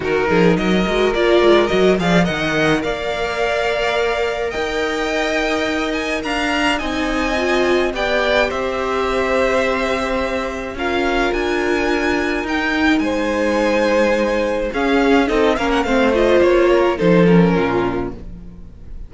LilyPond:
<<
  \new Staff \with { instrumentName = "violin" } { \time 4/4 \tempo 4 = 106 ais'4 dis''4 d''4 dis''8 f''8 | fis''4 f''2. | g''2~ g''8 gis''8 ais''4 | gis''2 g''4 e''4~ |
e''2. f''4 | gis''2 g''4 gis''4~ | gis''2 f''4 dis''8 f''16 fis''16 | f''8 dis''8 cis''4 c''8 ais'4. | }
  \new Staff \with { instrumentName = "violin" } { \time 4/4 fis'8 gis'8 ais'2~ ais'8 d''8 | dis''4 d''2. | dis''2. f''4 | dis''2 d''4 c''4~ |
c''2. ais'4~ | ais'2. c''4~ | c''2 gis'4 a'8 ais'8 | c''4. ais'8 a'4 f'4 | }
  \new Staff \with { instrumentName = "viola" } { \time 4/4 dis'4. fis'8 f'4 fis'8 gis'8 | ais'1~ | ais'1 | dis'4 f'4 g'2~ |
g'2. f'4~ | f'2 dis'2~ | dis'2 cis'4 dis'8 cis'8 | c'8 f'4. dis'8 cis'4. | }
  \new Staff \with { instrumentName = "cello" } { \time 4/4 dis8 f8 fis8 gis8 ais8 gis8 fis8 f8 | dis4 ais2. | dis'2. d'4 | c'2 b4 c'4~ |
c'2. cis'4 | d'2 dis'4 gis4~ | gis2 cis'4 c'8 ais8 | a4 ais4 f4 ais,4 | }
>>